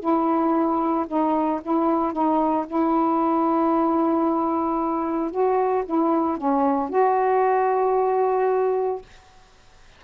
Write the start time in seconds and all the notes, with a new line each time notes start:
0.00 E4
1.07 D#4
1.62 E4
2.13 D#4
2.67 E4
5.31 F#4
5.86 E4
6.37 C#4
6.90 F#4